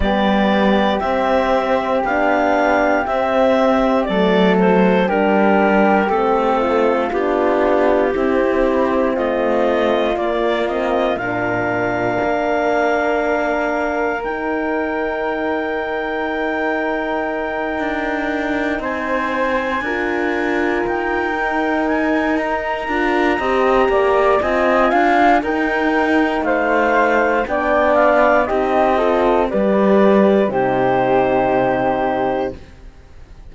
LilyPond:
<<
  \new Staff \with { instrumentName = "clarinet" } { \time 4/4 \tempo 4 = 59 d''4 e''4 f''4 e''4 | d''8 c''8 ais'4 a'4 g'4~ | g'4 dis''4 d''8 dis''8 f''4~ | f''2 g''2~ |
g''2~ g''8 gis''4.~ | gis''8 g''4 gis''8 ais''2 | gis''4 g''4 f''4 g''8 f''8 | dis''4 d''4 c''2 | }
  \new Staff \with { instrumentName = "flute" } { \time 4/4 g'1 | a'4 g'4. f'4. | e'4 f'2 ais'4~ | ais'1~ |
ais'2~ ais'8 c''4 ais'8~ | ais'2. dis''8 d''8 | dis''8 f''8 ais'4 c''4 d''4 | g'8 a'8 b'4 g'2 | }
  \new Staff \with { instrumentName = "horn" } { \time 4/4 b4 c'4 d'4 c'4 | a4 d'4 c'4 d'4 | c'2 ais8 c'8 d'4~ | d'2 dis'2~ |
dis'2.~ dis'8 f'8~ | f'4 dis'4. f'8 g'4 | f'4 dis'2 d'4 | dis'8 f'8 g'4 dis'2 | }
  \new Staff \with { instrumentName = "cello" } { \time 4/4 g4 c'4 b4 c'4 | fis4 g4 a4 b4 | c'4 a4 ais4 ais,4 | ais2 dis'2~ |
dis'4. d'4 c'4 d'8~ | d'8 dis'2 d'8 c'8 ais8 | c'8 d'8 dis'4 a4 b4 | c'4 g4 c2 | }
>>